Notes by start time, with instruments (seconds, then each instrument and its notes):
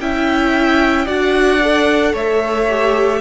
0.00 cello C#4, viola E4, violin E5 G5
1.05 cello D4, viola F#4, violin D5 F#5
1.61 viola A4
2.13 cello A3, violin C#5 E5
2.69 viola G4